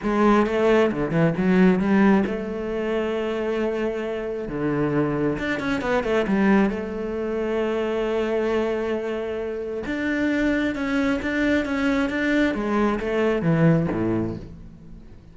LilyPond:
\new Staff \with { instrumentName = "cello" } { \time 4/4 \tempo 4 = 134 gis4 a4 d8 e8 fis4 | g4 a2.~ | a2 d2 | d'8 cis'8 b8 a8 g4 a4~ |
a1~ | a2 d'2 | cis'4 d'4 cis'4 d'4 | gis4 a4 e4 a,4 | }